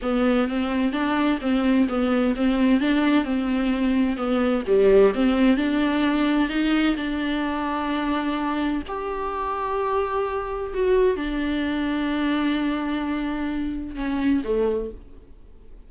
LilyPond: \new Staff \with { instrumentName = "viola" } { \time 4/4 \tempo 4 = 129 b4 c'4 d'4 c'4 | b4 c'4 d'4 c'4~ | c'4 b4 g4 c'4 | d'2 dis'4 d'4~ |
d'2. g'4~ | g'2. fis'4 | d'1~ | d'2 cis'4 a4 | }